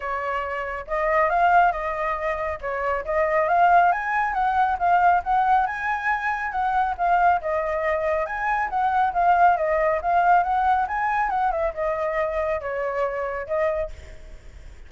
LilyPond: \new Staff \with { instrumentName = "flute" } { \time 4/4 \tempo 4 = 138 cis''2 dis''4 f''4 | dis''2 cis''4 dis''4 | f''4 gis''4 fis''4 f''4 | fis''4 gis''2 fis''4 |
f''4 dis''2 gis''4 | fis''4 f''4 dis''4 f''4 | fis''4 gis''4 fis''8 e''8 dis''4~ | dis''4 cis''2 dis''4 | }